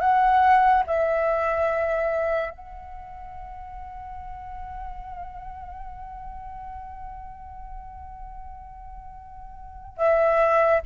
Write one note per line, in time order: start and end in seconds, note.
0.00 0.83 F#5
0.87 2.51 E5
2.51 9.97 F#5
9.97 10.81 E5